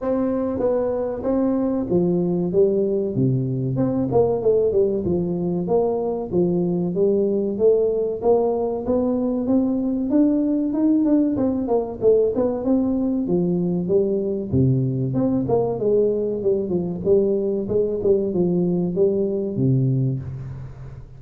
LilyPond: \new Staff \with { instrumentName = "tuba" } { \time 4/4 \tempo 4 = 95 c'4 b4 c'4 f4 | g4 c4 c'8 ais8 a8 g8 | f4 ais4 f4 g4 | a4 ais4 b4 c'4 |
d'4 dis'8 d'8 c'8 ais8 a8 b8 | c'4 f4 g4 c4 | c'8 ais8 gis4 g8 f8 g4 | gis8 g8 f4 g4 c4 | }